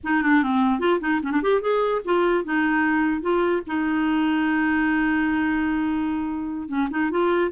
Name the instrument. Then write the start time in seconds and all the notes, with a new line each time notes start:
clarinet
0.03 D#4
0.22 D4
0.43 C4
0.79 F4
1.00 D#4
1.23 C#4
1.31 D4
1.42 G4
1.61 G#4
2.04 F4
2.44 D#4
3.21 F4
3.66 D#4
6.68 C#4
6.90 D#4
7.10 F4